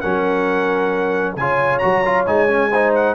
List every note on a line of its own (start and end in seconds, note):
0.00 1.36 F#3
0.00 1.37 C#4
0.00 1.35 A#4
0.00 1.34 F#5
1.36 1.81 C#3
1.36 1.81 F4
1.36 2.70 C#5
1.36 1.78 G#5
1.78 2.27 F#3
1.78 2.03 F#4
1.78 2.23 A#5
2.05 2.26 F4
2.26 3.15 G#3
2.26 2.48 D#4
2.26 2.93 G#5
2.48 2.70 C#4
2.70 3.15 D#4
2.70 3.15 C5
2.94 3.15 F#5